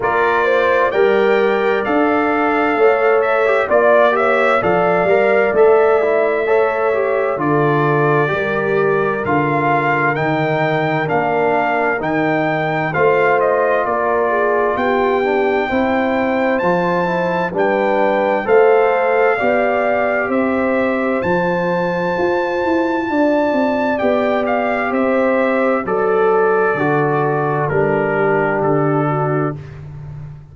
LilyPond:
<<
  \new Staff \with { instrumentName = "trumpet" } { \time 4/4 \tempo 4 = 65 d''4 g''4 f''4. e''8 | d''8 e''8 f''4 e''2 | d''2 f''4 g''4 | f''4 g''4 f''8 dis''8 d''4 |
g''2 a''4 g''4 | f''2 e''4 a''4~ | a''2 g''8 f''8 e''4 | d''2 ais'4 a'4 | }
  \new Staff \with { instrumentName = "horn" } { \time 4/4 ais'8 c''8 d''2 cis''4 | d''8 cis''8 d''2 cis''4 | a'4 ais'2.~ | ais'2 c''4 ais'8 gis'8 |
g'4 c''2 b'4 | c''4 d''4 c''2~ | c''4 d''2 c''4 | a'2~ a'8 g'4 fis'8 | }
  \new Staff \with { instrumentName = "trombone" } { \time 4/4 f'4 ais'4 a'4.~ a'16 g'16 | f'8 g'8 a'8 ais'8 a'8 e'8 a'8 g'8 | f'4 g'4 f'4 dis'4 | d'4 dis'4 f'2~ |
f'8 d'8 e'4 f'8 e'8 d'4 | a'4 g'2 f'4~ | f'2 g'2 | a'4 fis'4 d'2 | }
  \new Staff \with { instrumentName = "tuba" } { \time 4/4 ais4 g4 d'4 a4 | ais4 f8 g8 a2 | d4 g4 d4 dis4 | ais4 dis4 a4 ais4 |
b4 c'4 f4 g4 | a4 b4 c'4 f4 | f'8 e'8 d'8 c'8 b4 c'4 | fis4 d4 g4 d4 | }
>>